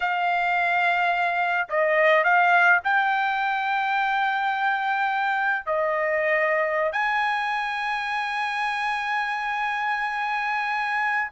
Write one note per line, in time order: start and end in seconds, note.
0.00 1.67 F5
1.69 2.24 D#5
2.24 2.80 F5
2.84 5.66 G5
5.66 6.92 D#5
6.92 11.31 G#5